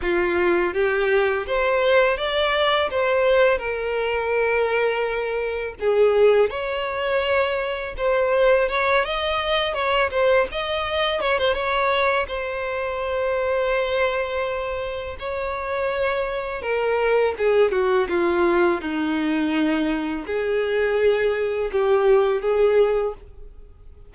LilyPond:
\new Staff \with { instrumentName = "violin" } { \time 4/4 \tempo 4 = 83 f'4 g'4 c''4 d''4 | c''4 ais'2. | gis'4 cis''2 c''4 | cis''8 dis''4 cis''8 c''8 dis''4 cis''16 c''16 |
cis''4 c''2.~ | c''4 cis''2 ais'4 | gis'8 fis'8 f'4 dis'2 | gis'2 g'4 gis'4 | }